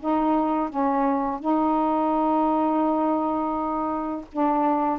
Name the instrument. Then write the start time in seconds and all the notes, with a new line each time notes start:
saxophone
0.00 D#4
0.70 C#4
1.40 D#4
4.32 D4